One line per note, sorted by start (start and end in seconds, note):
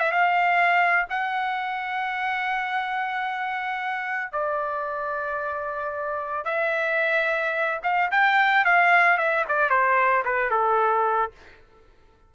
0.00 0.12 E5
0.12 1.07 F5
1.10 4.32 F#5
4.32 6.45 D5
6.45 7.80 E5
7.84 8.11 F5
8.12 8.65 G5
8.65 9.18 F5
9.18 9.45 E5
9.49 9.70 D5
9.70 10.24 C5
10.25 10.51 B4
10.51 11.32 A4